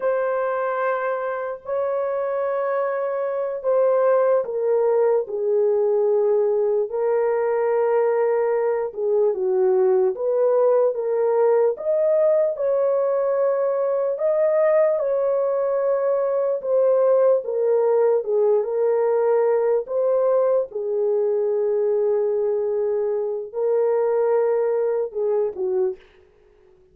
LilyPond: \new Staff \with { instrumentName = "horn" } { \time 4/4 \tempo 4 = 74 c''2 cis''2~ | cis''8 c''4 ais'4 gis'4.~ | gis'8 ais'2~ ais'8 gis'8 fis'8~ | fis'8 b'4 ais'4 dis''4 cis''8~ |
cis''4. dis''4 cis''4.~ | cis''8 c''4 ais'4 gis'8 ais'4~ | ais'8 c''4 gis'2~ gis'8~ | gis'4 ais'2 gis'8 fis'8 | }